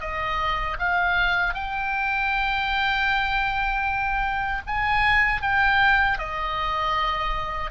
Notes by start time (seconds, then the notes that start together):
0.00 D#5
0.79 F5
1.54 G5
4.67 G#5
5.42 G5
6.18 D#5